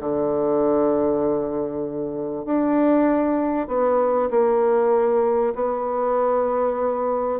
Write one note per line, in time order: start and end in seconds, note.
0.00 2.45 D3
2.45 3.68 D4
3.68 4.30 B3
4.30 5.54 A#3
5.55 7.40 B3